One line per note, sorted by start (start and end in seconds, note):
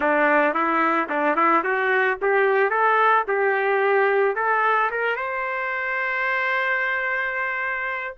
0.00 0.53 D4
0.53 1.08 E4
1.09 1.36 D4
1.36 1.63 E4
1.63 2.18 F#4
2.21 2.70 G4
2.70 3.24 A4
3.27 4.35 G4
4.35 4.90 A4
4.91 5.15 A#4
5.15 8.15 C5